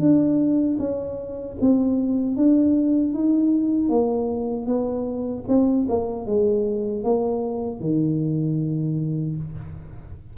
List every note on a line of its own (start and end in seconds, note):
0.00 0.78 D4
0.79 1.57 C#4
1.61 2.37 C4
2.37 3.14 D4
3.14 3.90 D#4
3.90 4.66 A#3
4.66 5.44 B3
5.48 5.87 C4
5.89 6.26 A#3
6.26 7.03 G#3
7.03 7.80 A#3
7.80 9.36 D#3